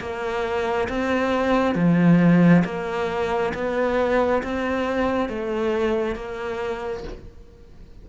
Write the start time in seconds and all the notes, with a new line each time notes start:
0.00 A#3
0.89 C4
1.75 F3
2.64 A#3
3.54 B3
4.43 C4
5.29 A3
6.15 A#3